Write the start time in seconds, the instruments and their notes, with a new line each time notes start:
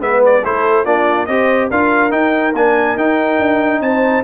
0.00 tuba G#3, trombone B3, horn B4, trumpet E5
0.25 trumpet D5
0.43 tuba A3, trombone E4, horn A4, trumpet C5
0.84 tuba A#3, trombone D4, horn F4, trumpet D5
1.26 tuba C4, trombone G4, horn C5, trumpet D#5
1.70 tuba D4, trombone F4, horn A#4, trumpet F5
2.11 trombone D#4, tuba D#4, trumpet G5
2.54 tuba A#3, trombone D4, trumpet G#5
2.96 tuba D#4, trombone D#4, trumpet G5
3.39 tuba D4
3.80 tuba C4, horn C5, trumpet A5